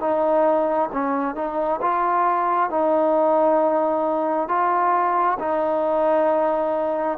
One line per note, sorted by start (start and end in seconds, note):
0.00 0.90 D#4
0.92 1.36 C#4
1.36 1.80 D#4
1.82 2.70 F4
2.70 4.49 D#4
4.49 5.38 F4
5.39 7.18 D#4